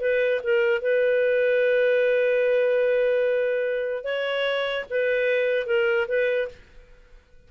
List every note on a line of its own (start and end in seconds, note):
0.00 0.41 B4
0.43 0.81 A#4
0.81 4.04 B4
4.04 4.85 C#5
4.90 5.66 B4
5.66 6.07 A#4
6.08 6.48 B4